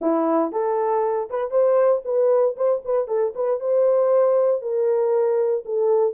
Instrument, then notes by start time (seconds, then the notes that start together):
horn
0.01 E4
0.52 A4
1.30 B4
1.50 C5
2.04 B4
2.56 C5
2.85 B4
3.07 A4
3.35 B4
3.60 C5
4.61 A#4
5.65 A4